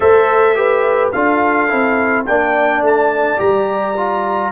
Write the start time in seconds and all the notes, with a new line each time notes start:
0.00 A3 A4 C5 E5
0.55 G4 B4
1.12 D4 F4 A4 F5
1.68 C4 E4
2.25 A#3 D4 D5 G5
2.81 A3 A5
3.37 G3 G4 A#5
3.96 F4